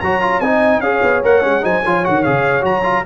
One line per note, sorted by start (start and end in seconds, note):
0.00 0.40 F#3
0.00 0.21 F#4
0.00 0.42 C#5
0.00 0.40 A#5
0.21 0.41 F4
0.40 0.79 C4
0.40 0.83 D#4
0.40 0.82 D#5
0.40 0.80 G#5
0.79 0.99 C#4
0.79 1.23 G#4
0.79 1.64 C#5
0.79 1.21 F5
1.02 1.23 B3
1.23 1.44 A#3
1.23 1.41 A#4
1.23 1.64 F#5
1.41 1.64 G#3
1.41 1.61 C#4
1.61 1.84 F#3
1.61 1.81 D#4
1.61 1.82 C5
1.61 2.05 G#5
1.82 2.06 F3
1.82 2.03 F4
1.82 3.04 C#5
2.03 2.26 D#3
2.03 2.24 F#4
2.03 2.23 F#5
2.23 2.63 C#3
2.23 2.61 G#4
2.23 2.64 F5
2.61 3.04 F#3
2.61 2.81 F#4
2.61 3.06 A#5
2.83 3.03 F4